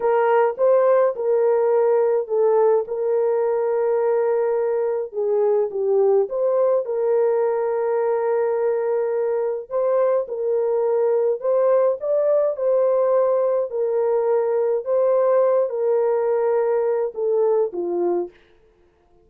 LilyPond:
\new Staff \with { instrumentName = "horn" } { \time 4/4 \tempo 4 = 105 ais'4 c''4 ais'2 | a'4 ais'2.~ | ais'4 gis'4 g'4 c''4 | ais'1~ |
ais'4 c''4 ais'2 | c''4 d''4 c''2 | ais'2 c''4. ais'8~ | ais'2 a'4 f'4 | }